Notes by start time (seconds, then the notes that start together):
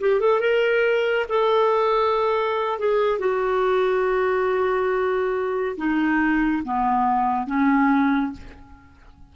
0.00 G4
0.20 A4
0.40 A#4
1.29 A4
2.79 G#4
3.19 F#4
5.77 D#4
6.64 B3
7.46 C#4